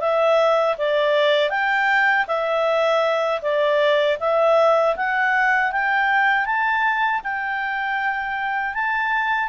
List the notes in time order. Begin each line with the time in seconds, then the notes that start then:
0.00 E5
0.78 D5
1.50 G5
2.27 E5
3.42 D5
4.20 E5
4.96 F#5
5.72 G5
6.45 A5
7.24 G5
8.74 A5